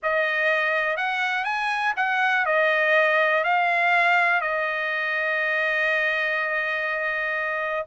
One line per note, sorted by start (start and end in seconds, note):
0.02 0.96 D#5
0.96 1.44 F#5
1.44 1.93 G#5
1.96 2.45 F#5
2.45 3.43 D#5
3.43 4.41 F5
4.41 7.85 D#5